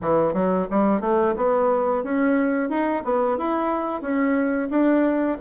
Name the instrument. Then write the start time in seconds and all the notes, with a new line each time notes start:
bassoon
0.01 E3
0.33 F#3
0.70 G3
1.01 A3
1.36 B3
2.03 C#4
2.69 D#4
3.04 B3
3.37 E4
4.01 C#4
4.70 D4